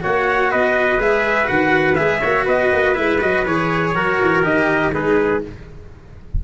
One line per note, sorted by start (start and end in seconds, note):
0.00 0.53 A#3
0.00 0.98 F#4
0.00 0.51 C#5
0.00 0.51 F#5
0.51 0.98 B3
0.51 2.20 B4
0.51 1.00 D#5
0.98 1.47 G#3
0.98 1.44 G#4
0.98 1.47 E5
1.44 1.98 D#3
1.44 1.93 F#4
1.44 1.95 F#5
1.95 2.23 G#3
1.95 2.22 G#4
1.95 2.44 E5
2.20 2.47 A#3
2.20 2.94 F#4
2.20 2.44 C#5
2.45 2.71 B3
2.45 3.92 B4
2.45 2.94 D#5
2.72 2.97 A#3
2.94 3.22 G#3
2.94 3.19 E4
2.94 3.19 E5
3.21 3.45 F#3
3.21 3.45 F#4
3.21 3.46 D#5
3.45 3.94 E3
3.45 3.95 G#4
3.45 4.44 C#5
3.94 4.19 F#3
3.94 4.43 F#4
3.94 4.93 A#4
4.21 4.43 E3
4.43 4.92 D#3
4.43 4.92 G4
4.43 4.93 D#5
4.92 5.43 G#3
4.92 5.41 D#4
4.92 5.43 G#4
4.92 5.42 B4